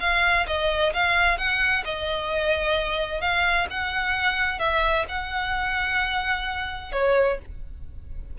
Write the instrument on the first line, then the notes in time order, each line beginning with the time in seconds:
violin
0.00 F5
0.47 D#5
0.94 F5
1.38 F#5
1.85 D#5
3.21 F5
3.70 F#5
4.59 E5
5.09 F#5
6.92 C#5